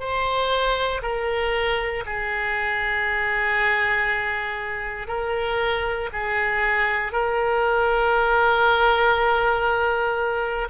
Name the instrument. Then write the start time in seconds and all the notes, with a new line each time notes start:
oboe
0.00 C5
1.02 A#4
2.06 G#4
5.08 A#4
6.12 G#4
7.12 A#4